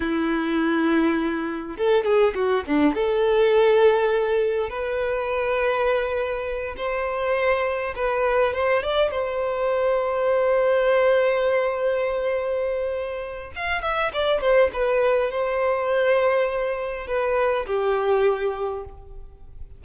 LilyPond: \new Staff \with { instrumentName = "violin" } { \time 4/4 \tempo 4 = 102 e'2. a'8 gis'8 | fis'8 d'8 a'2. | b'2.~ b'8 c''8~ | c''4. b'4 c''8 d''8 c''8~ |
c''1~ | c''2. f''8 e''8 | d''8 c''8 b'4 c''2~ | c''4 b'4 g'2 | }